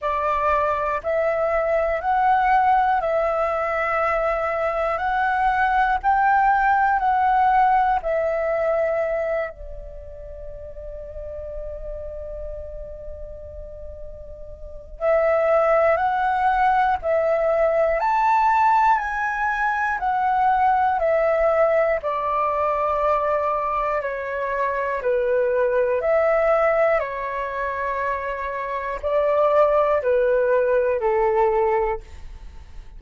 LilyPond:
\new Staff \with { instrumentName = "flute" } { \time 4/4 \tempo 4 = 60 d''4 e''4 fis''4 e''4~ | e''4 fis''4 g''4 fis''4 | e''4. d''2~ d''8~ | d''2. e''4 |
fis''4 e''4 a''4 gis''4 | fis''4 e''4 d''2 | cis''4 b'4 e''4 cis''4~ | cis''4 d''4 b'4 a'4 | }